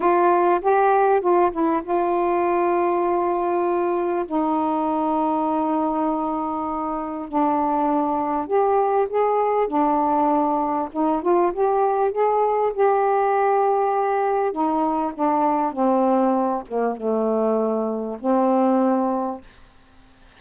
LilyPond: \new Staff \with { instrumentName = "saxophone" } { \time 4/4 \tempo 4 = 99 f'4 g'4 f'8 e'8 f'4~ | f'2. dis'4~ | dis'1 | d'2 g'4 gis'4 |
d'2 dis'8 f'8 g'4 | gis'4 g'2. | dis'4 d'4 c'4. ais8 | a2 c'2 | }